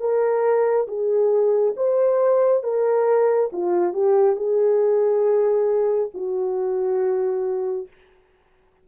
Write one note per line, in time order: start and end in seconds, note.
0.00 0.87 A#4
0.87 1.74 G#4
1.76 2.63 C5
2.63 3.50 A#4
3.52 3.93 F4
3.93 4.36 G4
4.36 6.10 G#4
6.14 7.88 F#4